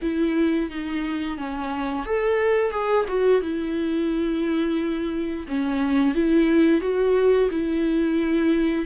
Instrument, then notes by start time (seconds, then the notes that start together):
viola
0.02 E4
0.70 D#4
1.37 C#4
2.05 A4
2.71 G#4
3.08 F#4
3.41 E4
5.47 C#4
6.14 E4
6.81 F#4
7.50 E4